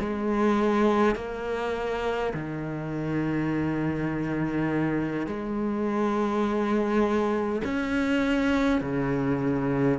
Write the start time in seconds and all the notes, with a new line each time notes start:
0.00 G#3
1.16 A#3
2.34 D#3
5.27 G#3
7.64 C#4
8.81 C#3